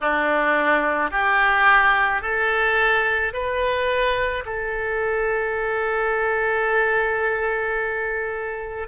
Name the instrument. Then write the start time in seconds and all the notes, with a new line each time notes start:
oboe
0.01 D4
1.11 G4
2.21 A4
3.33 B4
4.45 A4